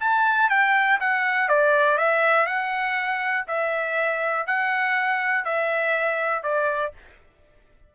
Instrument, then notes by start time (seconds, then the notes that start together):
trumpet
0.00 A5
0.49 G5
1.00 F#5
1.49 D5
1.98 E5
2.46 F#5
3.48 E5
4.47 F#5
5.45 E5
6.43 D5